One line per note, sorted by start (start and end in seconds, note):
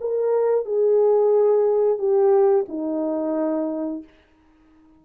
0.00 0.65 A#4
0.65 1.98 G#4
1.98 2.65 G4
2.68 4.03 D#4